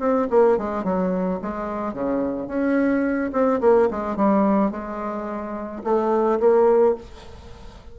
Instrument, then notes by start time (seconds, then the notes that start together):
bassoon
0.00 C4
0.30 A#3
0.58 G#3
0.84 F#3
1.42 G#3
1.93 C#3
2.48 C#4
3.33 C4
3.61 A#3
3.91 G#3
4.16 G3
4.71 G#3
5.84 A3
6.40 A#3